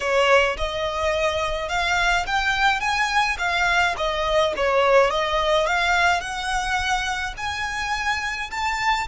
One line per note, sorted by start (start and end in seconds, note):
0.00 0.56 C#5
0.57 1.69 D#5
1.69 2.25 F5
2.26 2.80 G5
2.80 3.37 G#5
3.38 3.95 F5
3.97 4.53 D#5
4.56 5.10 C#5
5.10 5.66 D#5
5.66 6.21 F5
6.21 7.34 F#5
7.37 8.50 G#5
8.51 9.07 A5